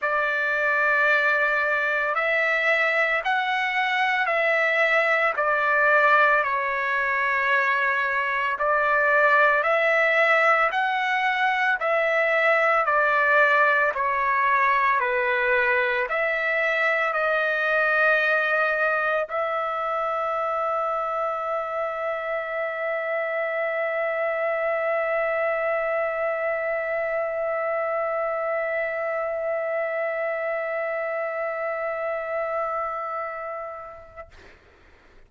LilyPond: \new Staff \with { instrumentName = "trumpet" } { \time 4/4 \tempo 4 = 56 d''2 e''4 fis''4 | e''4 d''4 cis''2 | d''4 e''4 fis''4 e''4 | d''4 cis''4 b'4 e''4 |
dis''2 e''2~ | e''1~ | e''1~ | e''1 | }